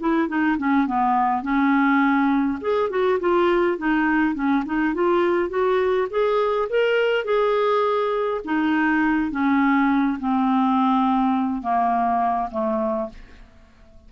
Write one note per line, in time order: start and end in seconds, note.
0.00 0.28 E4
0.28 0.57 D#4
0.58 0.87 C#4
0.87 1.42 B3
1.42 2.59 C#4
2.61 2.90 G#4
2.90 3.19 F#4
3.20 3.78 F4
3.78 4.35 D#4
4.35 4.64 C#4
4.65 4.94 D#4
4.94 5.50 F4
5.50 6.08 F#4
6.11 6.69 G#4
6.70 7.25 A#4
7.25 8.41 G#4
8.45 9.31 D#4
9.31 10.18 C#4
10.20 11.62 C4
11.62 12.50 A#3
12.51 13.10 A3